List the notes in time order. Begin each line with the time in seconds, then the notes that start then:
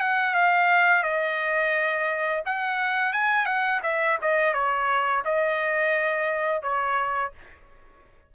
0.00 F#5
0.35 F5
1.03 D#5
2.46 F#5
3.13 G#5
3.46 F#5
3.83 E5
4.22 D#5
4.54 C#5
5.25 D#5
6.62 C#5